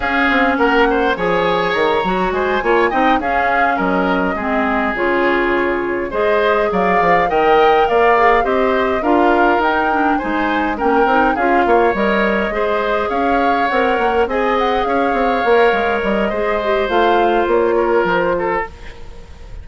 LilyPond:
<<
  \new Staff \with { instrumentName = "flute" } { \time 4/4 \tempo 4 = 103 f''4 fis''4 gis''4 ais''4 | gis''4 g''8 f''4 dis''4.~ | dis''8 cis''2 dis''4 f''8~ | f''8 g''4 f''4 dis''4 f''8~ |
f''8 g''4 gis''4 g''4 f''8~ | f''8 dis''2 f''4 fis''8~ | fis''8 gis''8 fis''8 f''2 dis''8~ | dis''4 f''4 cis''4 c''4 | }
  \new Staff \with { instrumentName = "oboe" } { \time 4/4 gis'4 ais'8 c''8 cis''2 | c''8 cis''8 dis''8 gis'4 ais'4 gis'8~ | gis'2~ gis'8 c''4 d''8~ | d''8 dis''4 d''4 c''4 ais'8~ |
ais'4. c''4 ais'4 gis'8 | cis''4. c''4 cis''4.~ | cis''8 dis''4 cis''2~ cis''8 | c''2~ c''8 ais'4 a'8 | }
  \new Staff \with { instrumentName = "clarinet" } { \time 4/4 cis'2 gis'4. fis'8~ | fis'8 f'8 dis'8 cis'2 c'8~ | c'8 f'2 gis'4.~ | gis'8 ais'4. gis'8 g'4 f'8~ |
f'8 dis'8 d'8 dis'4 cis'8 dis'8 f'8~ | f'8 ais'4 gis'2 ais'8~ | ais'8 gis'2 ais'4. | gis'8 g'8 f'2. | }
  \new Staff \with { instrumentName = "bassoon" } { \time 4/4 cis'8 c'8 ais4 f4 dis8 fis8 | gis8 ais8 c'8 cis'4 fis4 gis8~ | gis8 cis2 gis4 fis8 | f8 dis4 ais4 c'4 d'8~ |
d'8 dis'4 gis4 ais8 c'8 cis'8 | ais8 g4 gis4 cis'4 c'8 | ais8 c'4 cis'8 c'8 ais8 gis8 g8 | gis4 a4 ais4 f4 | }
>>